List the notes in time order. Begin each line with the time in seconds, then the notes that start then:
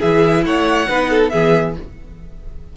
0.00 E3 E4 G#4 E5
0.46 A3 C#5 F#5
0.89 B3 D#4 B4
1.10 A4
1.30 E3 B3 G#4 E5